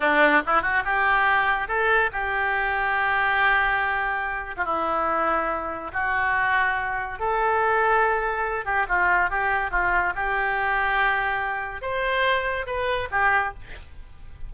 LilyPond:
\new Staff \with { instrumentName = "oboe" } { \time 4/4 \tempo 4 = 142 d'4 e'8 fis'8 g'2 | a'4 g'2.~ | g'2~ g'8. f'16 e'4~ | e'2 fis'2~ |
fis'4 a'2.~ | a'8 g'8 f'4 g'4 f'4 | g'1 | c''2 b'4 g'4 | }